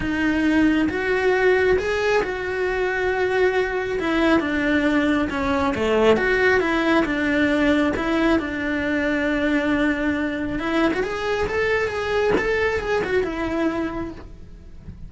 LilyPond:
\new Staff \with { instrumentName = "cello" } { \time 4/4 \tempo 4 = 136 dis'2 fis'2 | gis'4 fis'2.~ | fis'4 e'4 d'2 | cis'4 a4 fis'4 e'4 |
d'2 e'4 d'4~ | d'1 | e'8. fis'16 gis'4 a'4 gis'4 | a'4 gis'8 fis'8 e'2 | }